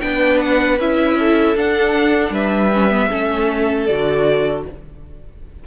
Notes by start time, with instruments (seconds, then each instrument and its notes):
0.00 cello B3, viola D4, violin B4 G5
0.40 violin F#5
0.79 cello C#4, viola E4, violin E5
1.19 violin A4
1.56 viola D4, cello D4, violin F#5
2.30 cello G3, violin B4 E5
2.74 viola C#4
2.90 viola B3
3.10 cello A3, viola C#4, violin A4
3.86 cello D3, viola F#4, violin D5